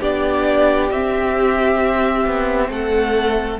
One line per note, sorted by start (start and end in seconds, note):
0.00 0.90 B3
0.00 0.91 D4
0.00 2.69 G4
0.00 0.91 D5
0.91 2.25 C4
0.91 3.60 C4
0.91 2.70 E5
2.26 2.69 B3
2.69 3.58 A3
2.69 3.60 A4
2.69 3.60 F#5